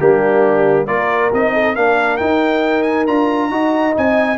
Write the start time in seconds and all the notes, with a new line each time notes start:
0.00 G3 A#3 D4 G4
0.87 A#3 F4 A#4 D5
1.33 C4 D#4 D#5
1.54 A4
1.76 A#3 D4 A#4 F5
2.18 D#4 G5
2.83 G#5
3.07 D4 F4 A#5
3.50 D#4 F#4 D#5
3.93 C4 D#4 G#5